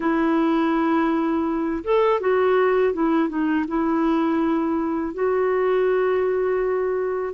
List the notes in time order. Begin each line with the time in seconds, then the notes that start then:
0.00 E4
1.84 A4
2.20 F#4
2.93 E4
3.28 D#4
3.67 E4
5.14 F#4